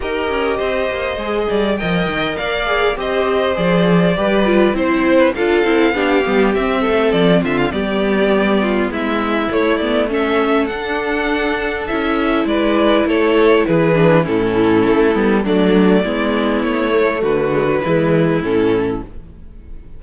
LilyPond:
<<
  \new Staff \with { instrumentName = "violin" } { \time 4/4 \tempo 4 = 101 dis''2. g''4 | f''4 dis''4 d''2 | c''4 f''2 e''4 | d''8 e''16 f''16 d''2 e''4 |
cis''8 d''8 e''4 fis''2 | e''4 d''4 cis''4 b'4 | a'2 d''2 | cis''4 b'2 a'4 | }
  \new Staff \with { instrumentName = "violin" } { \time 4/4 ais'4 c''4. d''8 dis''4 | d''4 c''2 b'4 | c''8. b'16 a'4 g'4. a'8~ | a'8 f'8 g'4. f'8 e'4~ |
e'4 a'2.~ | a'4 b'4 a'4 gis'4 | e'2 d'4 e'4~ | e'4 fis'4 e'2 | }
  \new Staff \with { instrumentName = "viola" } { \time 4/4 g'2 gis'4 ais'4~ | ais'8 gis'8 g'4 gis'4 g'8 f'8 | e'4 f'8 e'8 d'8 b8 c'4~ | c'4 b2. |
a8 b8 cis'4 d'2 | e'2.~ e'8 d'8 | cis'4. b8 a4 b4~ | b8 a4 gis16 fis16 gis4 cis'4 | }
  \new Staff \with { instrumentName = "cello" } { \time 4/4 dis'8 cis'8 c'8 ais8 gis8 g8 f8 dis8 | ais4 c'4 f4 g4 | c'4 d'8 c'8 b8 g8 c'8 a8 | f8 d8 g2 gis4 |
a2 d'2 | cis'4 gis4 a4 e4 | a,4 a8 g8 fis4 gis4 | a4 d4 e4 a,4 | }
>>